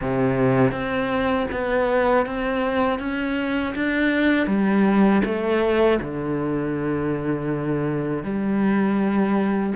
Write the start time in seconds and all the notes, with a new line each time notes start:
0.01 C3
0.71 C4
1.51 B3
2.26 C4
2.99 C#4
3.75 D4
4.46 G3
5.24 A3
6.01 D3
8.23 G3